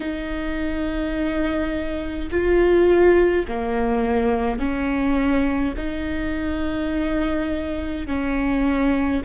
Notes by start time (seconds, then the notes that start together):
0.00 D#4
2.30 F4
3.48 A#3
4.58 C#4
5.76 D#4
8.06 C#4